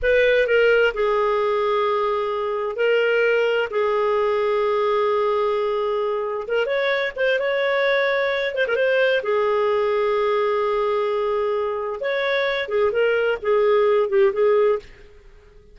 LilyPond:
\new Staff \with { instrumentName = "clarinet" } { \time 4/4 \tempo 4 = 130 b'4 ais'4 gis'2~ | gis'2 ais'2 | gis'1~ | gis'2 ais'8 cis''4 c''8 |
cis''2~ cis''8 c''16 ais'16 c''4 | gis'1~ | gis'2 cis''4. gis'8 | ais'4 gis'4. g'8 gis'4 | }